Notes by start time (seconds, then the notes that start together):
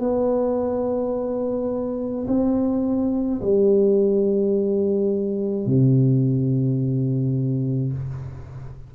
0.00 B3
2.27 C4
3.41 G3
5.66 C3